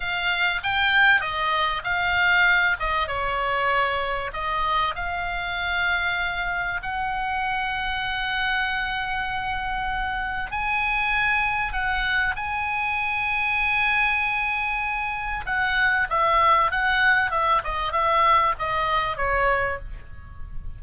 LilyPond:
\new Staff \with { instrumentName = "oboe" } { \time 4/4 \tempo 4 = 97 f''4 g''4 dis''4 f''4~ | f''8 dis''8 cis''2 dis''4 | f''2. fis''4~ | fis''1~ |
fis''4 gis''2 fis''4 | gis''1~ | gis''4 fis''4 e''4 fis''4 | e''8 dis''8 e''4 dis''4 cis''4 | }